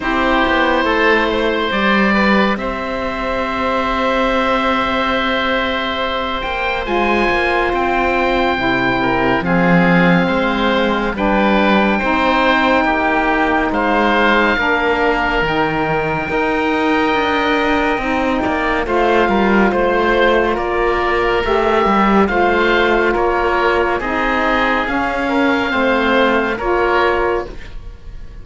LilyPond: <<
  \new Staff \with { instrumentName = "oboe" } { \time 4/4 \tempo 4 = 70 c''2 d''4 e''4~ | e''2.~ e''8 g''8 | gis''4 g''2 f''4~ | f''4 g''2. |
f''2 g''2~ | g''2 f''4 c''4 | d''4 e''4 f''4 cis''4 | dis''4 f''2 cis''4 | }
  \new Staff \with { instrumentName = "oboe" } { \time 4/4 g'4 a'8 c''4 b'8 c''4~ | c''1~ | c''2~ c''8 ais'8 gis'4 | c''4 b'4 c''4 g'4 |
c''4 ais'2 dis''4~ | dis''4. d''8 c''8 ais'8 c''4 | ais'2 c''4 ais'4 | gis'4. ais'8 c''4 ais'4 | }
  \new Staff \with { instrumentName = "saxophone" } { \time 4/4 e'2 g'2~ | g'1 | f'2 e'4 c'4~ | c'4 d'4 dis'2~ |
dis'4 d'4 dis'4 ais'4~ | ais'4 dis'4 f'2~ | f'4 g'4 f'2 | dis'4 cis'4 c'4 f'4 | }
  \new Staff \with { instrumentName = "cello" } { \time 4/4 c'8 b8 a4 g4 c'4~ | c'2.~ c'8 ais8 | gis8 ais8 c'4 c4 f4 | gis4 g4 c'4 ais4 |
gis4 ais4 dis4 dis'4 | d'4 c'8 ais8 a8 g8 a4 | ais4 a8 g8 a4 ais4 | c'4 cis'4 a4 ais4 | }
>>